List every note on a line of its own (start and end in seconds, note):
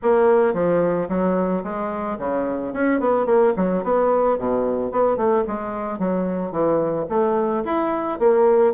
0.02 0.53 A#3
0.53 1.08 F3
1.08 1.63 F#3
1.63 2.18 G#3
2.18 2.73 C#3
2.73 3.00 C#4
3.00 3.26 B3
3.26 3.53 A#3
3.56 3.83 F#3
3.83 4.38 B3
4.38 4.91 B2
4.91 5.16 B3
5.16 5.43 A3
5.47 5.99 G#3
5.99 6.51 F#3
6.51 7.06 E3
7.09 7.63 A3
7.65 8.19 E4
8.19 8.73 A#3